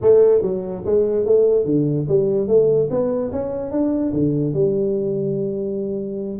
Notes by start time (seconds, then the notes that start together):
0.01 A3
0.41 F#3
0.85 G#3
1.25 A3
1.65 D3
2.08 G3
2.47 A3
2.90 B3
3.31 C#4
3.71 D4
4.12 D3
4.53 G3